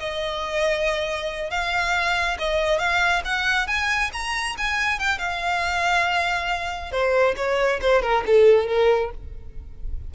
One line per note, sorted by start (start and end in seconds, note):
0.00 1.51 D#5
1.51 2.38 F5
2.39 2.79 D#5
2.79 3.23 F5
3.25 3.68 F#5
3.68 4.11 G#5
4.13 4.57 A#5
4.58 5.00 G#5
5.00 5.19 G5
5.19 6.92 F5
6.92 7.35 C5
7.37 7.80 C#5
7.81 8.02 C5
8.02 8.24 A#4
8.27 8.68 A4
8.68 9.11 A#4